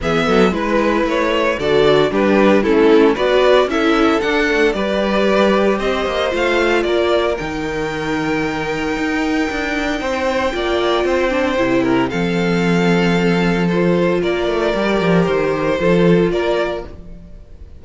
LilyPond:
<<
  \new Staff \with { instrumentName = "violin" } { \time 4/4 \tempo 4 = 114 e''4 b'4 cis''4 d''4 | b'4 a'4 d''4 e''4 | fis''4 d''2 dis''4 | f''4 d''4 g''2~ |
g''1~ | g''2. f''4~ | f''2 c''4 d''4~ | d''4 c''2 d''4 | }
  \new Staff \with { instrumentName = "violin" } { \time 4/4 gis'8 a'8 b'2 a'4 | g'4 e'4 b'4 a'4~ | a'4 b'2 c''4~ | c''4 ais'2.~ |
ais'2. c''4 | d''4 c''4. ais'8 a'4~ | a'2. ais'4~ | ais'2 a'4 ais'4 | }
  \new Staff \with { instrumentName = "viola" } { \time 4/4 b4 e'2 fis'4 | d'4 cis'4 fis'4 e'4 | d'8 a8 g'2. | f'2 dis'2~ |
dis'1 | f'4. d'8 e'4 c'4~ | c'2 f'2 | g'2 f'2 | }
  \new Staff \with { instrumentName = "cello" } { \time 4/4 e8 fis8 gis4 a4 d4 | g4 a4 b4 cis'4 | d'4 g2 c'8 ais8 | a4 ais4 dis2~ |
dis4 dis'4 d'4 c'4 | ais4 c'4 c4 f4~ | f2. ais8 a8 | g8 f8 dis4 f4 ais4 | }
>>